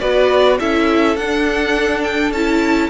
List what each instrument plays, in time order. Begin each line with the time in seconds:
0.00 cello B3, viola F#4, violin B4 D5
0.59 cello C#4, viola E4, violin A4 E5
1.16 cello D4, viola D4, violin F#5
2.03 violin G5
2.31 cello C#4, viola E4, violin A5